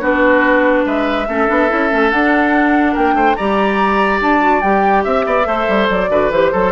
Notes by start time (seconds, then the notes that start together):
0.00 B3 D4 F#4 B4
0.86 G#3 B4 E5
1.28 A3 C#4 A4
1.47 B3 D4
1.69 C#4 E4
1.90 A3 C#4
2.11 D4 F#5
2.93 A#3 A#4 G5
3.14 A3 C5
3.35 G3 G4 D5 A#5
4.21 D4 A5
4.40 F#4
4.61 G3 G4 G5
5.04 C4 E5
5.26 B3 D5
5.44 A3 A4 C5
5.68 G3
5.90 F#3 D5
6.10 D3 F#4 B4
6.31 E3 G4 C5
6.52 F#3 A4